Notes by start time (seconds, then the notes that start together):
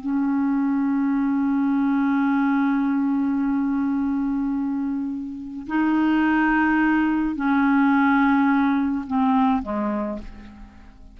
0.00 C#4
5.67 D#4
7.35 C#4
9.06 C4
9.62 G#3